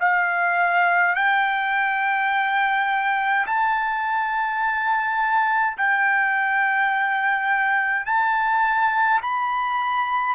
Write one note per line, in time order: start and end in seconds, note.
0.00 1.15 F5
1.15 3.46 G5
3.47 5.77 A5
5.78 8.06 G5
8.06 9.21 A5
9.22 10.35 B5